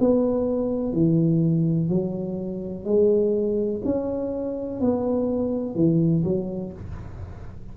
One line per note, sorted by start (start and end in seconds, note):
0.00 0.93 B3
0.93 1.90 E3
1.90 2.85 F#3
2.85 3.82 G#3
3.85 4.81 C#4
4.81 5.75 B3
5.75 6.24 E3
6.24 6.73 F#3